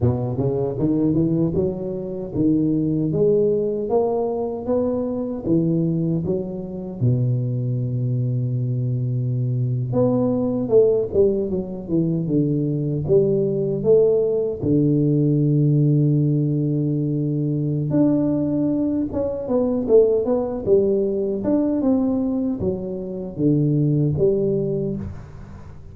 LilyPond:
\new Staff \with { instrumentName = "tuba" } { \time 4/4 \tempo 4 = 77 b,8 cis8 dis8 e8 fis4 dis4 | gis4 ais4 b4 e4 | fis4 b,2.~ | b,8. b4 a8 g8 fis8 e8 d16~ |
d8. g4 a4 d4~ d16~ | d2. d'4~ | d'8 cis'8 b8 a8 b8 g4 d'8 | c'4 fis4 d4 g4 | }